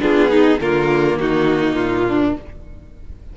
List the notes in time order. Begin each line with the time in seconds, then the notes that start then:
0.00 B3 D4 F4 G#4
0.29 D#4
0.60 D3 A#3 F4 A#4
1.16 D#3 D#4 F#4
1.74 A#2 F4
2.08 D4